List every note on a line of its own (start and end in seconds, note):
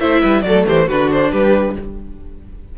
0.00 0.22 A3
0.00 0.43 E4
0.00 0.21 C5
0.00 0.42 E5
0.21 0.43 G3
0.21 0.43 B4
0.42 0.65 F#3
0.42 0.90 A3
0.42 0.67 A4
0.42 0.64 D5
0.67 0.89 E3
0.67 0.88 G4
0.67 0.89 C5
0.88 1.32 D3
0.88 1.78 D4
0.88 1.31 F#4
0.88 1.11 B4
1.11 1.32 C5
1.31 1.76 G3
1.31 1.75 G4
1.31 1.75 B4